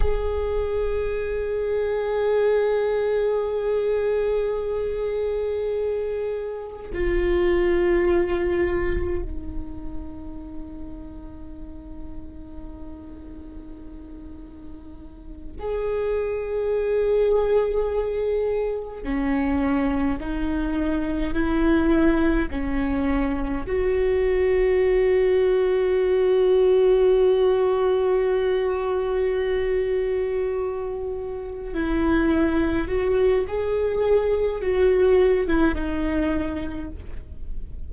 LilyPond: \new Staff \with { instrumentName = "viola" } { \time 4/4 \tempo 4 = 52 gis'1~ | gis'2 f'2 | dis'1~ | dis'4. gis'2~ gis'8~ |
gis'8 cis'4 dis'4 e'4 cis'8~ | cis'8 fis'2.~ fis'8~ | fis'2.~ fis'8 e'8~ | e'8 fis'8 gis'4 fis'8. e'16 dis'4 | }